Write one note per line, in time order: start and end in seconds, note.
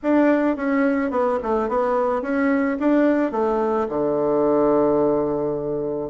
0.03 0.56 D4
0.56 1.11 C#4
1.11 1.38 B3
1.42 1.68 A3
1.68 2.22 B3
2.22 2.77 C#4
2.79 3.31 D4
3.31 3.87 A3
3.89 6.10 D3